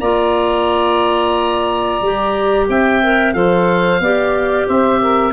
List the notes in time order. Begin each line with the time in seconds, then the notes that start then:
0.00 A#3 F4 D5 A#5
2.02 G3 G4
2.69 C4 E5 G5
3.03 A#4
3.33 F3 A4 C5 F5
4.00 B3 G4 D5
4.67 C4 C5 E5
5.00 A#4